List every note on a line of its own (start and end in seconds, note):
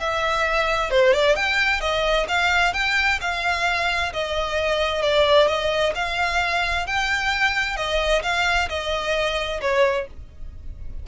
0.00 0.91 E5
0.91 1.14 C5
1.14 1.36 D5
1.36 1.81 G5
1.81 2.27 D#5
2.29 2.74 F5
2.74 3.20 G5
3.21 4.13 F5
4.13 5.03 D#5
5.03 5.48 D5
5.48 5.94 D#5
5.95 6.87 F5
6.87 7.77 G5
7.77 8.23 D#5
8.23 8.69 F5
8.69 9.61 D#5
9.62 10.07 C#5